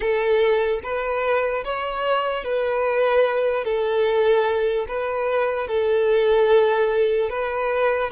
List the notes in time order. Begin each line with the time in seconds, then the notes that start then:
0.00 A4
0.83 B4
1.64 C#5
2.43 B4
3.64 A4
4.88 B4
5.68 A4
7.29 B4